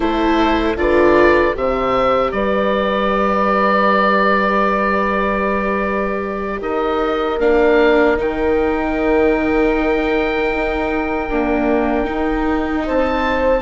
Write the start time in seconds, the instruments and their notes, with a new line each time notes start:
0.00 bassoon A3, viola E4, horn A4, oboe C5
0.75 bassoon D3, viola F4, horn B4, oboe D5
1.54 bassoon C3, viola G4, horn C5, oboe E5
2.31 bassoon G3, horn B4, oboe D5
6.60 bassoon D#4, horn A#4, oboe D#5
7.39 bassoon A#3, viola D4, oboe F5
8.17 bassoon D#3, viola D#4, oboe G5
10.54 bassoon D#4
11.29 viola A#3, bassoon D4
12.04 viola D#4, bassoon D#4
12.85 bassoon C4, horn C5, oboe A5